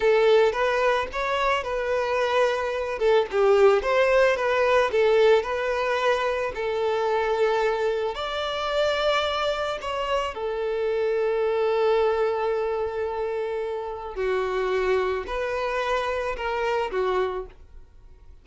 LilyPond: \new Staff \with { instrumentName = "violin" } { \time 4/4 \tempo 4 = 110 a'4 b'4 cis''4 b'4~ | b'4. a'8 g'4 c''4 | b'4 a'4 b'2 | a'2. d''4~ |
d''2 cis''4 a'4~ | a'1~ | a'2 fis'2 | b'2 ais'4 fis'4 | }